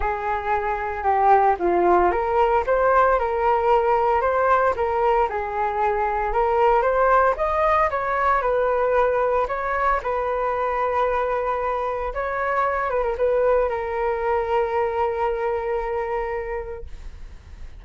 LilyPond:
\new Staff \with { instrumentName = "flute" } { \time 4/4 \tempo 4 = 114 gis'2 g'4 f'4 | ais'4 c''4 ais'2 | c''4 ais'4 gis'2 | ais'4 c''4 dis''4 cis''4 |
b'2 cis''4 b'4~ | b'2. cis''4~ | cis''8 b'16 ais'16 b'4 ais'2~ | ais'1 | }